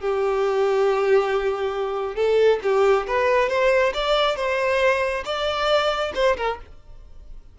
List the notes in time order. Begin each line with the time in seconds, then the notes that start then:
0.00 G4
2.16 A4
2.63 G4
3.07 B4
3.49 C5
3.94 D5
4.36 C5
5.25 D5
6.15 C5
6.37 A#4